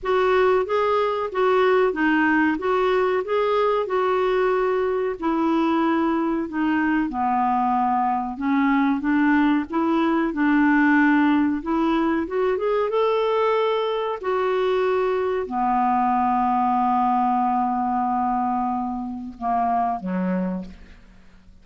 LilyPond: \new Staff \with { instrumentName = "clarinet" } { \time 4/4 \tempo 4 = 93 fis'4 gis'4 fis'4 dis'4 | fis'4 gis'4 fis'2 | e'2 dis'4 b4~ | b4 cis'4 d'4 e'4 |
d'2 e'4 fis'8 gis'8 | a'2 fis'2 | b1~ | b2 ais4 fis4 | }